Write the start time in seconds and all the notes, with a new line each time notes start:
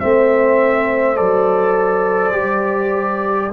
0.00 A3 C4 C5 E5
1.16 F#3 A4 D5
2.33 G3 G4